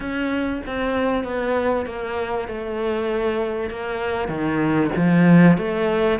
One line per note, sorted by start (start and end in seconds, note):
0.00 0.62 C#4
0.66 1.24 C4
1.24 1.86 B3
1.86 2.47 A#3
2.47 3.70 A3
3.70 4.28 A#3
4.28 4.90 D#3
4.96 5.57 F3
5.57 6.19 A3